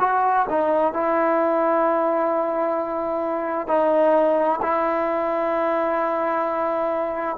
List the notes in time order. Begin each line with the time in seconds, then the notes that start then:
0.00 F#4
0.50 D#4
0.94 E4
3.68 D#4
4.62 E4